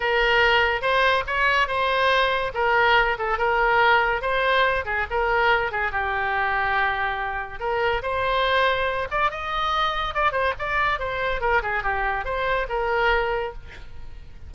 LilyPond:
\new Staff \with { instrumentName = "oboe" } { \time 4/4 \tempo 4 = 142 ais'2 c''4 cis''4 | c''2 ais'4. a'8 | ais'2 c''4. gis'8 | ais'4. gis'8 g'2~ |
g'2 ais'4 c''4~ | c''4. d''8 dis''2 | d''8 c''8 d''4 c''4 ais'8 gis'8 | g'4 c''4 ais'2 | }